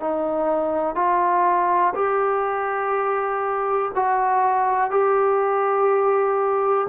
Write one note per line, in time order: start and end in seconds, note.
0.00 0.96 D#4
0.96 1.94 F4
1.95 3.92 G4
3.95 4.91 F#4
4.91 6.88 G4